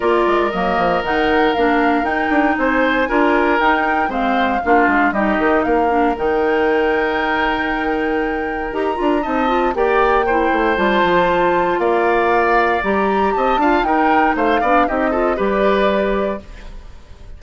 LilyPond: <<
  \new Staff \with { instrumentName = "flute" } { \time 4/4 \tempo 4 = 117 d''4 dis''4 fis''4 f''4 | g''4 gis''2 g''4 | f''2 dis''4 f''4 | g''1~ |
g''4 ais''4 a''4 g''4~ | g''4 a''2 f''4~ | f''4 ais''4 a''4 g''4 | f''4 dis''4 d''2 | }
  \new Staff \with { instrumentName = "oboe" } { \time 4/4 ais'1~ | ais'4 c''4 ais'2 | c''4 f'4 g'4 ais'4~ | ais'1~ |
ais'2 dis''4 d''4 | c''2. d''4~ | d''2 dis''8 f''8 ais'4 | c''8 d''8 g'8 a'8 b'2 | }
  \new Staff \with { instrumentName = "clarinet" } { \time 4/4 f'4 ais4 dis'4 d'4 | dis'2 f'4 dis'4 | c'4 d'4 dis'4. d'8 | dis'1~ |
dis'4 g'8 f'8 dis'8 f'8 g'4 | e'4 f'2.~ | f'4 g'4. f'8 dis'4~ | dis'8 d'8 dis'8 f'8 g'2 | }
  \new Staff \with { instrumentName = "bassoon" } { \time 4/4 ais8 gis8 fis8 f8 dis4 ais4 | dis'8 d'8 c'4 d'4 dis'4 | gis4 ais8 gis8 g8 dis8 ais4 | dis1~ |
dis4 dis'8 d'8 c'4 ais4~ | ais8 a8 g8 f4. ais4~ | ais4 g4 c'8 d'8 dis'4 | a8 b8 c'4 g2 | }
>>